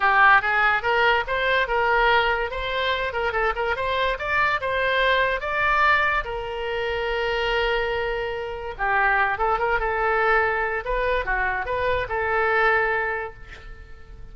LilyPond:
\new Staff \with { instrumentName = "oboe" } { \time 4/4 \tempo 4 = 144 g'4 gis'4 ais'4 c''4 | ais'2 c''4. ais'8 | a'8 ais'8 c''4 d''4 c''4~ | c''4 d''2 ais'4~ |
ais'1~ | ais'4 g'4. a'8 ais'8 a'8~ | a'2 b'4 fis'4 | b'4 a'2. | }